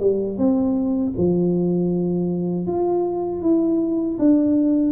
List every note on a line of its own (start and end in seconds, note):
0.00 0.38 G3
0.38 1.14 C4
1.18 2.67 F3
2.67 3.42 F4
3.42 4.18 E4
4.19 4.92 D4